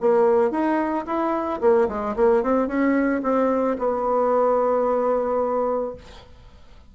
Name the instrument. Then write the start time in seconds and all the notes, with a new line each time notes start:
bassoon
0.00 A#3
0.51 D#4
1.06 E4
1.61 A#3
1.88 G#3
2.15 A#3
2.43 C4
2.67 C#4
3.23 C4
3.78 B3